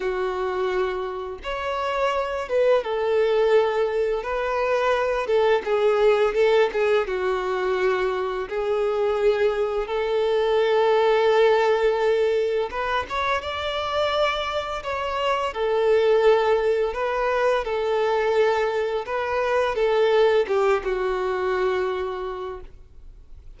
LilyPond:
\new Staff \with { instrumentName = "violin" } { \time 4/4 \tempo 4 = 85 fis'2 cis''4. b'8 | a'2 b'4. a'8 | gis'4 a'8 gis'8 fis'2 | gis'2 a'2~ |
a'2 b'8 cis''8 d''4~ | d''4 cis''4 a'2 | b'4 a'2 b'4 | a'4 g'8 fis'2~ fis'8 | }